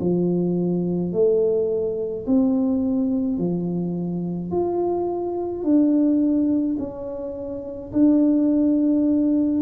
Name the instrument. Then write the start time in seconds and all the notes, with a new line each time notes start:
tuba
0.00 F3
1.12 A3
2.26 C4
3.38 F3
4.51 F4
5.63 D4
6.79 C#4
7.92 D4